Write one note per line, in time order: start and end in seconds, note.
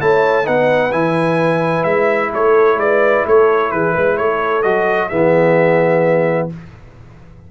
0.00 0.47 A3
0.00 0.44 E4
0.00 0.45 C#5
0.00 0.47 A5
0.44 0.93 B3
0.44 0.91 D#4
0.44 2.31 B4
0.44 0.92 F#5
0.92 1.85 E3
0.92 4.63 E4
0.92 1.83 G#5
1.83 2.31 G#3
1.83 2.30 E5
2.33 2.76 A3
2.33 2.79 A4
2.33 2.79 C#5
2.76 3.22 G#3
2.76 3.26 D5
2.82 3.27 B4
3.27 3.72 A3
3.27 3.73 A4
3.27 3.71 C#5
3.71 3.95 E3
3.71 3.93 G#4
3.71 4.17 B4
3.93 4.19 G#3
3.93 4.16 B4
4.17 4.64 A3
4.17 5.09 A4
4.17 4.62 C#5
4.62 5.11 F#3
4.62 5.10 F#4
4.62 5.09 D#5
5.09 6.51 E3
5.09 6.50 B3
5.09 6.49 G#4
5.09 6.48 E5